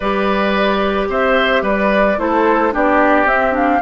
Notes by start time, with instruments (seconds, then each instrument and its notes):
0.00 bassoon G3, clarinet G4, oboe B4, flute D5
1.08 bassoon C4, oboe C5, flute E5
1.62 bassoon G3, oboe B4, flute D5
2.17 bassoon A3, clarinet E4, oboe A4, flute C5
2.71 bassoon B3, clarinet D4, oboe G4, flute D5
3.25 bassoon C4, clarinet C4, flute E5
3.51 clarinet D4, flute F5